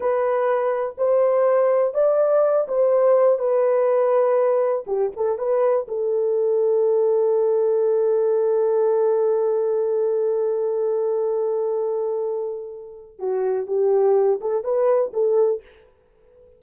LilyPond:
\new Staff \with { instrumentName = "horn" } { \time 4/4 \tempo 4 = 123 b'2 c''2 | d''4. c''4. b'4~ | b'2 g'8 a'8 b'4 | a'1~ |
a'1~ | a'1~ | a'2. fis'4 | g'4. a'8 b'4 a'4 | }